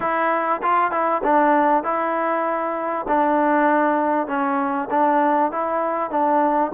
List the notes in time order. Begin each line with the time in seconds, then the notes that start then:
0.00 E4
0.62 F4
0.91 E4
1.23 D4
1.83 E4
3.08 D4
4.27 C#4
4.90 D4
5.51 E4
6.10 D4